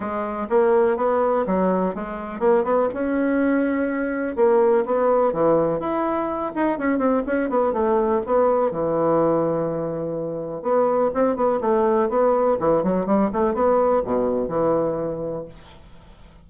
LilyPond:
\new Staff \with { instrumentName = "bassoon" } { \time 4/4 \tempo 4 = 124 gis4 ais4 b4 fis4 | gis4 ais8 b8 cis'2~ | cis'4 ais4 b4 e4 | e'4. dis'8 cis'8 c'8 cis'8 b8 |
a4 b4 e2~ | e2 b4 c'8 b8 | a4 b4 e8 fis8 g8 a8 | b4 b,4 e2 | }